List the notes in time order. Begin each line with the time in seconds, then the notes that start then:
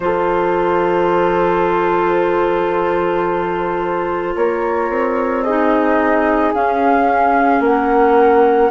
0.00 F3 F4 A4 C5
4.35 A#3 A#4 C#5
4.89 C4
5.43 D#4 G#4 D#5
6.54 C#4 F5
7.60 A#3 A#4 F#5